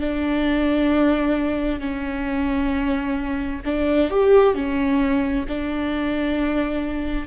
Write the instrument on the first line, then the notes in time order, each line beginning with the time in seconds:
viola
0.00 D4
1.80 C#4
3.65 D4
4.10 G4
4.55 C#4
5.48 D4